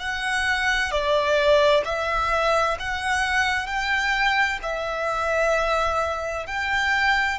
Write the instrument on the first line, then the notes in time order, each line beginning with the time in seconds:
violin
0.00 F#5
0.92 D5
1.85 E5
2.80 F#5
3.67 G5
4.63 E5
6.47 G5